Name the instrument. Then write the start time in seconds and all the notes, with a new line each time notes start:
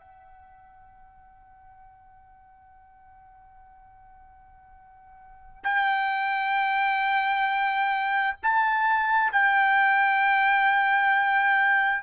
trumpet
0.00 F#5
5.64 G5
8.43 A5
9.33 G5